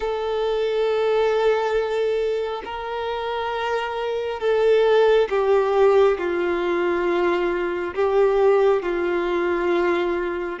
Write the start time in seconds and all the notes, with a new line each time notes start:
0.00 A4
2.64 A#4
4.40 A4
5.29 G4
6.18 F4
7.95 G4
8.82 F4